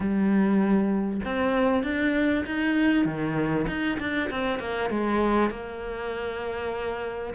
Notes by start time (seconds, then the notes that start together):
0.00 G3
1.24 C4
1.83 D4
2.46 D#4
3.05 D#3
3.67 D#4
3.99 D4
4.30 C4
4.59 A#3
4.90 G#3
5.50 A#3